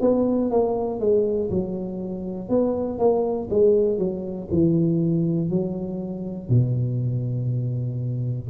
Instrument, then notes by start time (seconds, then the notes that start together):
tuba
0.00 B3
0.50 A#3
1.00 G#3
1.50 F#3
2.49 B3
2.98 A#3
3.50 G#3
3.98 F#3
4.51 E3
5.49 F#3
6.49 B2